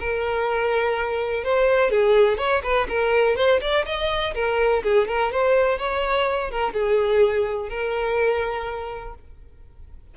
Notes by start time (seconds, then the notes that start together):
0.00 A#4
1.44 C5
1.91 G#4
2.38 C#5
2.63 B4
2.89 A#4
3.36 C5
3.61 D5
3.86 D#5
4.35 A#4
4.83 G#4
5.08 A#4
5.32 C5
5.79 C#5
6.51 A#4
6.73 G#4
7.69 A#4